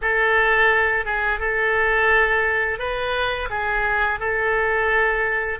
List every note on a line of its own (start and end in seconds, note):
0.01 1.05 A4
1.05 1.40 G#4
1.40 2.78 A4
2.78 3.48 B4
3.50 4.19 G#4
4.19 5.59 A4